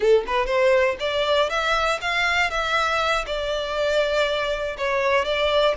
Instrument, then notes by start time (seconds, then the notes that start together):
violin
0.00 A4
0.27 B4
0.46 C5
0.99 D5
1.49 E5
2.01 F5
2.50 E5
3.26 D5
4.77 C#5
5.25 D5